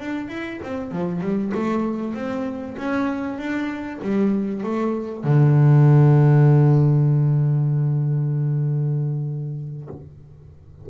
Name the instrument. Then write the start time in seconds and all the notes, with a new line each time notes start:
double bass
0.00 D4
0.28 E4
0.63 C4
0.91 F3
1.21 G3
1.54 A3
2.14 C4
2.78 C#4
3.38 D4
4.02 G3
4.63 A3
5.24 D3